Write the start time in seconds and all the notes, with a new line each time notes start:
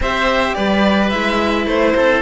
0.00 C4 G4 C5 E5
0.55 G3 B4 D5
1.09 G#3 E4 E5
1.65 A3 C5
1.96 C4 A4